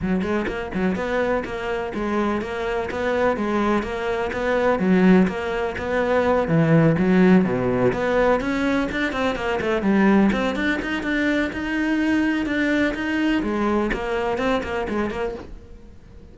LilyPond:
\new Staff \with { instrumentName = "cello" } { \time 4/4 \tempo 4 = 125 fis8 gis8 ais8 fis8 b4 ais4 | gis4 ais4 b4 gis4 | ais4 b4 fis4 ais4 | b4. e4 fis4 b,8~ |
b,8 b4 cis'4 d'8 c'8 ais8 | a8 g4 c'8 d'8 dis'8 d'4 | dis'2 d'4 dis'4 | gis4 ais4 c'8 ais8 gis8 ais8 | }